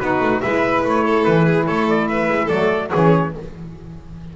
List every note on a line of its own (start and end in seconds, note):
0.00 0.21 B3
0.00 0.43 D#4
0.00 0.42 F#4
0.00 0.41 B4
0.21 0.42 A3
0.41 0.85 G#3
0.41 2.51 E4
0.41 1.04 B4
0.41 0.83 E5
0.85 1.26 A3
0.85 1.24 C#5
1.05 1.46 A4
1.24 1.69 E3
1.24 1.66 B4
1.46 1.66 G#4
1.66 2.29 A3
1.66 2.08 A4
1.66 1.87 C#5
1.90 2.08 D5
2.08 2.46 B4
2.08 2.49 E5
2.29 2.50 G#3
2.46 2.92 F#3
2.46 2.92 A3
2.46 2.87 A4
2.46 2.90 D5
2.91 3.36 E3
2.91 3.34 C#4
2.91 3.32 G#4
2.91 3.35 C#5